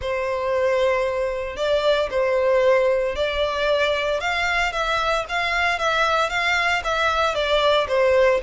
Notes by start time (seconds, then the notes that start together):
0.01 C5
1.56 D5
2.10 C5
3.15 D5
4.20 F5
4.72 E5
5.28 F5
5.78 E5
6.29 F5
6.83 E5
7.34 D5
7.88 C5